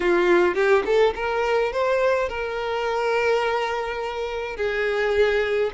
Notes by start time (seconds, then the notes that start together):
0.00 F4
0.54 G4
0.85 A4
1.15 A#4
1.72 C5
2.29 A#4
4.56 G#4